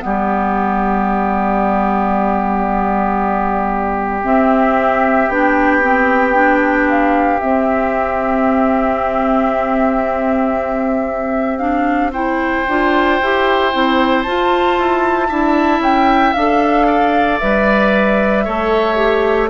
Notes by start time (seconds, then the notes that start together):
0.00 G3 B3 G4 D5
4.24 C4 E5
5.29 B3 D4 G5
5.82 C4
6.35 D4
6.89 F5
7.40 C4 E5
11.58 D4 F5
12.12 E4 C5 G5
12.68 D4 F4
13.22 E4 G4
13.73 C4 E4
14.23 F4 A5
14.79 E4
15.29 D4 E4 E5
15.80 C#4 G5
16.34 D4 A4 F5
16.87 D5
17.39 G3 B4 E5
18.45 A3 A4 C#5
18.96 G4